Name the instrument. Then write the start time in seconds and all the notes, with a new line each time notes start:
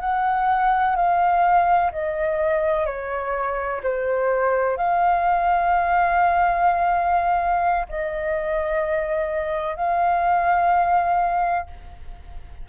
flute
0.00 F#5
0.95 F5
1.91 D#5
2.86 C#5
3.83 C5
4.77 F5
7.89 D#5
9.76 F5